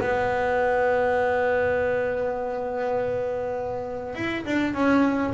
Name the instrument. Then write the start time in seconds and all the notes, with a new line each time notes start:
double bass
0.00 B3
4.15 E4
4.46 D4
4.74 C#4